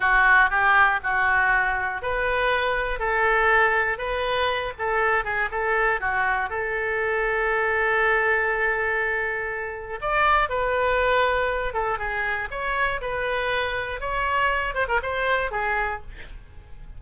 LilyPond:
\new Staff \with { instrumentName = "oboe" } { \time 4/4 \tempo 4 = 120 fis'4 g'4 fis'2 | b'2 a'2 | b'4. a'4 gis'8 a'4 | fis'4 a'2.~ |
a'1 | d''4 b'2~ b'8 a'8 | gis'4 cis''4 b'2 | cis''4. c''16 ais'16 c''4 gis'4 | }